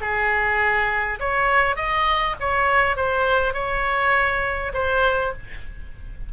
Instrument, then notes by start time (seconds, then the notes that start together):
oboe
0.00 G#4
1.19 C#5
1.76 D#5
2.40 C#5
2.96 C5
3.53 C#5
4.73 C5